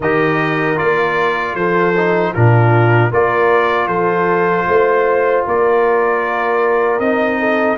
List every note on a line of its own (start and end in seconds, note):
0.00 0.76 D#3
0.00 0.76 G4
0.00 1.53 A#4
0.00 0.78 D#5
0.76 1.54 A#3
0.76 1.93 F4
0.76 1.55 D5
1.54 2.32 F3
1.54 2.32 A4
1.54 2.33 C5
1.97 2.35 D#4
2.32 3.12 A#2
2.32 3.11 D4
2.32 3.10 F4
2.32 3.12 A#4
3.10 3.87 A#3
3.10 7.01 F4
3.10 3.87 A#4
3.10 3.87 D5
3.87 4.65 F3
3.87 4.65 A4
3.87 5.43 C5
4.67 5.45 A3
4.67 5.45 C5
5.45 6.99 A#3
5.45 7.39 A#4
5.45 6.99 D5
6.99 7.77 C4
6.99 7.77 D#4
6.99 7.77 D#5
7.39 7.77 A4